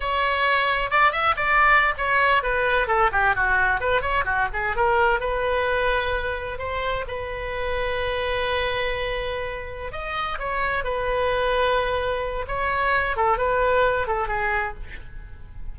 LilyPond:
\new Staff \with { instrumentName = "oboe" } { \time 4/4 \tempo 4 = 130 cis''2 d''8 e''8 d''4~ | d''16 cis''4 b'4 a'8 g'8 fis'8.~ | fis'16 b'8 cis''8 fis'8 gis'8 ais'4 b'8.~ | b'2~ b'16 c''4 b'8.~ |
b'1~ | b'4. dis''4 cis''4 b'8~ | b'2. cis''4~ | cis''8 a'8 b'4. a'8 gis'4 | }